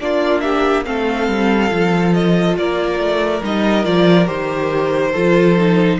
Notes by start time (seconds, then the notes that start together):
0.00 A#3 D4 F4 D5
0.40 G4 E5
0.84 A3 C4 A4 F5
1.28 G3
1.69 F3 F4
2.13 D#5
2.56 A#3 A#4 D5
2.99 A3
3.42 G3 D#4 D#5
3.84 F3 F4 D5
4.25 D#3 G4 C5
5.12 F3 F4 A4
5.57 D#4